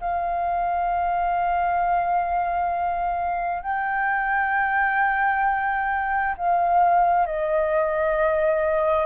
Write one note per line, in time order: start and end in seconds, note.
0.00 3.63 F5
3.63 6.36 G5
6.38 7.26 F5
7.26 9.06 D#5